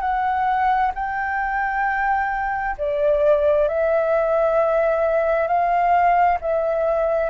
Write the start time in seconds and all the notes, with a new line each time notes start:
0.00 F#5
0.94 G5
2.77 D5
3.68 E5
5.47 F5
6.41 E5